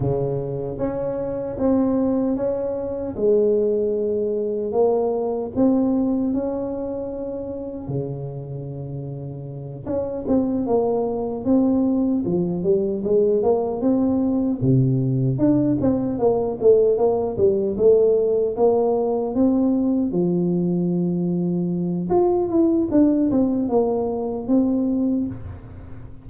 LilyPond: \new Staff \with { instrumentName = "tuba" } { \time 4/4 \tempo 4 = 76 cis4 cis'4 c'4 cis'4 | gis2 ais4 c'4 | cis'2 cis2~ | cis8 cis'8 c'8 ais4 c'4 f8 |
g8 gis8 ais8 c'4 c4 d'8 | c'8 ais8 a8 ais8 g8 a4 ais8~ | ais8 c'4 f2~ f8 | f'8 e'8 d'8 c'8 ais4 c'4 | }